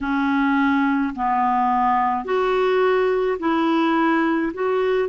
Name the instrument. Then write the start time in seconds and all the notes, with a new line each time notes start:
clarinet
0.00 C#4
1.15 B3
2.24 F#4
3.39 E4
4.53 F#4